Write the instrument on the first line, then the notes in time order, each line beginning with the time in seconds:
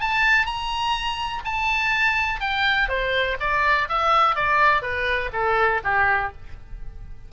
oboe
0.00 A5
0.46 A#5
1.45 A5
2.40 G5
2.88 C5
3.39 D5
3.88 E5
4.35 D5
4.81 B4
5.32 A4
5.84 G4